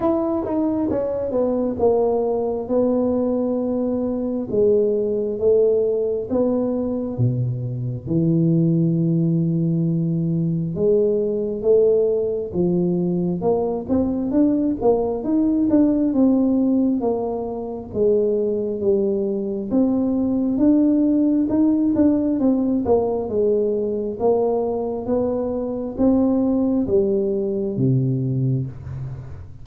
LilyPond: \new Staff \with { instrumentName = "tuba" } { \time 4/4 \tempo 4 = 67 e'8 dis'8 cis'8 b8 ais4 b4~ | b4 gis4 a4 b4 | b,4 e2. | gis4 a4 f4 ais8 c'8 |
d'8 ais8 dis'8 d'8 c'4 ais4 | gis4 g4 c'4 d'4 | dis'8 d'8 c'8 ais8 gis4 ais4 | b4 c'4 g4 c4 | }